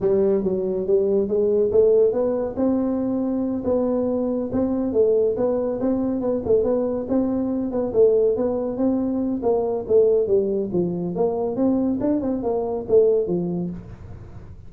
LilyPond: \new Staff \with { instrumentName = "tuba" } { \time 4/4 \tempo 4 = 140 g4 fis4 g4 gis4 | a4 b4 c'2~ | c'8 b2 c'4 a8~ | a8 b4 c'4 b8 a8 b8~ |
b8 c'4. b8 a4 b8~ | b8 c'4. ais4 a4 | g4 f4 ais4 c'4 | d'8 c'8 ais4 a4 f4 | }